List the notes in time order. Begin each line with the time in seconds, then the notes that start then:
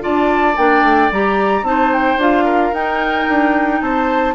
0.00 D4 F4 D5 A5
0.57 A#3 D4 G5
0.82 A3
1.11 G3 G4 A#5
1.62 C4 D#4 A5
1.70 C5
1.93 G5
2.17 D4 F4 F5
2.45 A#4
2.73 D#4 G5
3.29 D4
3.81 C4 C5 A5